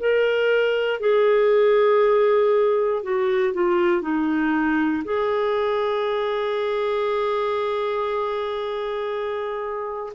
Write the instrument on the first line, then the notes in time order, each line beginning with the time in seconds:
clarinet
0.00 A#4
1.00 G#4
3.03 F#4
3.54 F4
4.02 D#4
5.04 G#4